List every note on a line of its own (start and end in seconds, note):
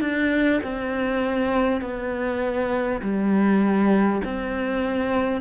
0.00 0.60 D4
0.63 1.81 C4
1.81 3.01 B3
3.02 4.22 G3
4.24 5.41 C4